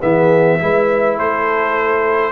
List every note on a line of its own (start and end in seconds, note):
0.00 0.61 E3
0.00 0.59 B3
0.00 0.59 G#4
0.00 1.18 E5
0.59 1.18 G#3
0.59 2.32 E4
0.59 1.17 B4
1.17 2.32 A3
1.17 2.32 A4
1.17 2.32 C5